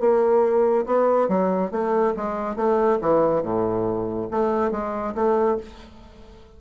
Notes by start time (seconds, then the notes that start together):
0.00 A#3
0.86 B3
1.28 F#3
1.71 A3
2.16 G#3
2.56 A3
3.01 E3
3.43 A2
4.31 A3
4.71 G#3
5.15 A3